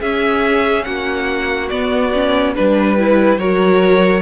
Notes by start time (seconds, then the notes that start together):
0.00 C#4 G#4 E5
0.84 A#3 F#4 F#5
1.69 B3 D5
2.13 C#4
2.55 G3 D4 B4
2.98 E4
3.37 F#3 F#4 A#4 C#5